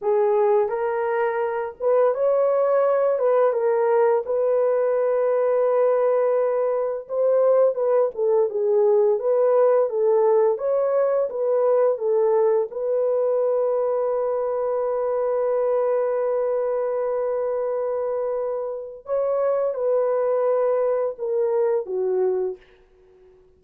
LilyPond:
\new Staff \with { instrumentName = "horn" } { \time 4/4 \tempo 4 = 85 gis'4 ais'4. b'8 cis''4~ | cis''8 b'8 ais'4 b'2~ | b'2 c''4 b'8 a'8 | gis'4 b'4 a'4 cis''4 |
b'4 a'4 b'2~ | b'1~ | b'2. cis''4 | b'2 ais'4 fis'4 | }